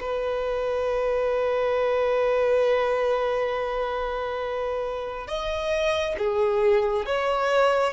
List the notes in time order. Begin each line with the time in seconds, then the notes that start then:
0.00 B4
5.27 D#5
6.18 G#4
7.05 C#5